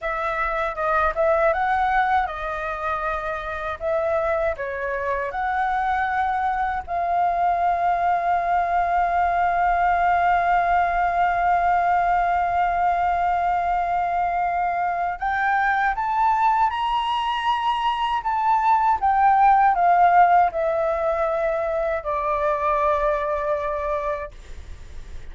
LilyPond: \new Staff \with { instrumentName = "flute" } { \time 4/4 \tempo 4 = 79 e''4 dis''8 e''8 fis''4 dis''4~ | dis''4 e''4 cis''4 fis''4~ | fis''4 f''2.~ | f''1~ |
f''1 | g''4 a''4 ais''2 | a''4 g''4 f''4 e''4~ | e''4 d''2. | }